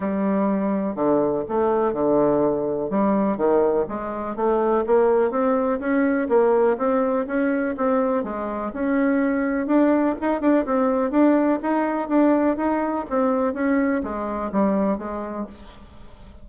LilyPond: \new Staff \with { instrumentName = "bassoon" } { \time 4/4 \tempo 4 = 124 g2 d4 a4 | d2 g4 dis4 | gis4 a4 ais4 c'4 | cis'4 ais4 c'4 cis'4 |
c'4 gis4 cis'2 | d'4 dis'8 d'8 c'4 d'4 | dis'4 d'4 dis'4 c'4 | cis'4 gis4 g4 gis4 | }